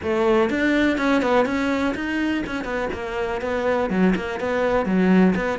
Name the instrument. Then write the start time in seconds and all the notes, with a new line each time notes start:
cello
0.02 A3
0.50 D4
0.97 C#4
1.22 B3
1.45 C#4
1.94 D#4
2.46 C#4
2.64 B3
2.93 A#3
3.41 B3
3.90 F#3
4.15 A#3
4.39 B3
4.85 F#3
5.35 B3